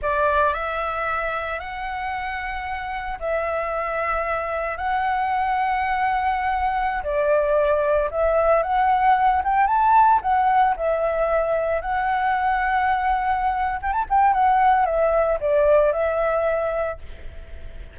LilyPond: \new Staff \with { instrumentName = "flute" } { \time 4/4 \tempo 4 = 113 d''4 e''2 fis''4~ | fis''2 e''2~ | e''4 fis''2.~ | fis''4~ fis''16 d''2 e''8.~ |
e''16 fis''4. g''8 a''4 fis''8.~ | fis''16 e''2 fis''4.~ fis''16~ | fis''2 g''16 a''16 g''8 fis''4 | e''4 d''4 e''2 | }